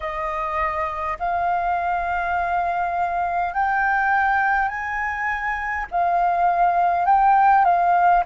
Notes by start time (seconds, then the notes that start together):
0.00 D#5
1.19 F5
3.53 G5
4.68 G#5
5.91 F5
7.05 G5
7.64 F5